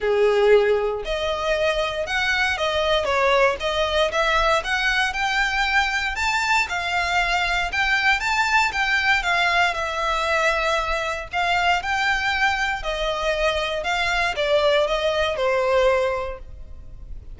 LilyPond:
\new Staff \with { instrumentName = "violin" } { \time 4/4 \tempo 4 = 117 gis'2 dis''2 | fis''4 dis''4 cis''4 dis''4 | e''4 fis''4 g''2 | a''4 f''2 g''4 |
a''4 g''4 f''4 e''4~ | e''2 f''4 g''4~ | g''4 dis''2 f''4 | d''4 dis''4 c''2 | }